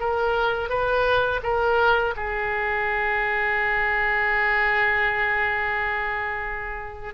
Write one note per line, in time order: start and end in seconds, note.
0.00 0.69 A#4
0.69 1.41 B4
1.43 2.14 A#4
2.16 7.14 G#4